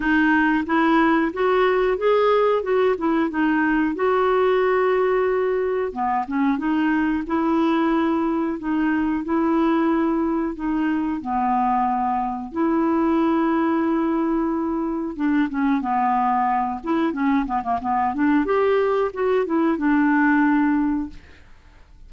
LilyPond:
\new Staff \with { instrumentName = "clarinet" } { \time 4/4 \tempo 4 = 91 dis'4 e'4 fis'4 gis'4 | fis'8 e'8 dis'4 fis'2~ | fis'4 b8 cis'8 dis'4 e'4~ | e'4 dis'4 e'2 |
dis'4 b2 e'4~ | e'2. d'8 cis'8 | b4. e'8 cis'8 b16 ais16 b8 d'8 | g'4 fis'8 e'8 d'2 | }